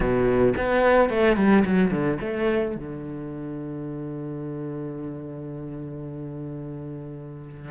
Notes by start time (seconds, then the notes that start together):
0.00 B2
0.57 B3
1.09 A3
1.36 G3
1.65 F#3
1.90 D3
2.20 A3
2.75 D3